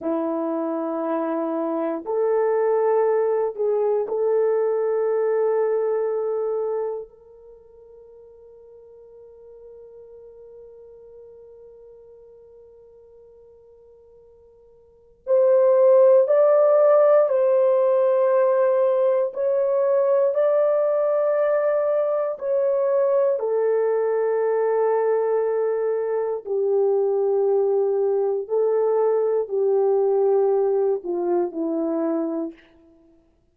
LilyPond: \new Staff \with { instrumentName = "horn" } { \time 4/4 \tempo 4 = 59 e'2 a'4. gis'8 | a'2. ais'4~ | ais'1~ | ais'2. c''4 |
d''4 c''2 cis''4 | d''2 cis''4 a'4~ | a'2 g'2 | a'4 g'4. f'8 e'4 | }